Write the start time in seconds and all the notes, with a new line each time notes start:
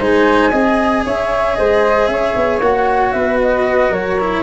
0.00 G#3 D#4 C5 G#5
0.51 C4 G#4 D#5
1.05 C#4 C#5 E5
1.56 G#3 C5 D#5
2.07 C#4 C#5 E5
2.36 B3
2.60 A#3 F#4 F#5
3.12 B3 B4 E5
3.42 D#5
3.90 F#3 A#4 C#5
4.20 E4